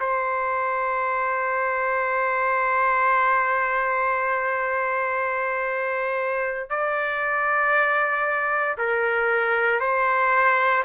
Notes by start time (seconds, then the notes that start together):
0.00 C5
6.70 D5
8.78 A#4
9.80 C5